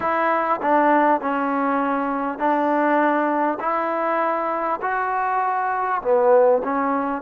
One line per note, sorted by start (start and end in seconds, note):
0.00 0.60 E4
0.62 1.20 D4
1.20 2.38 C#4
2.38 3.58 D4
3.59 4.79 E4
4.81 6.01 F#4
6.02 6.62 B3
6.63 7.22 C#4